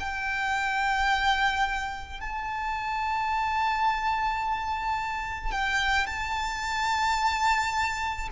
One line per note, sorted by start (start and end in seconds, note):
0.00 2.21 G5
2.21 5.52 A5
5.52 6.07 G5
6.07 8.29 A5